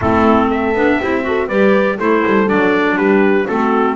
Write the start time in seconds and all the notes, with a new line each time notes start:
0.01 A3 C4 E4 A4
0.47 A4 E5
0.74 B3 D4
0.98 C4 E4 G4
1.22 F#4 A4
1.47 G3 G4 B4 D5
1.98 A3 E4 A4 C5
2.26 G3
2.46 F#3 D4 D5
2.96 G3 G4 B4
3.47 A3 C4 F#4 A4